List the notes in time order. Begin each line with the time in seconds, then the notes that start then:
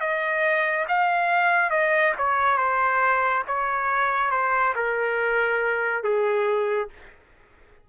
0.00 D#5
0.88 F5
1.70 D#5
2.17 C#5
2.58 C5
3.48 C#5
4.31 C5
4.75 A#4
6.03 G#4